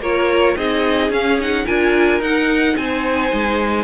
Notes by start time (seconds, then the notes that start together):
0.00 A#3 F4 A#4 C#5
0.56 C4 D#4 G#4 D#5
1.09 C#4 F5
1.40 D#4 F#5
1.64 D4 F4 A#4 G#5
2.20 D#4 F#5
2.76 C4 C5 G#5
3.32 G#3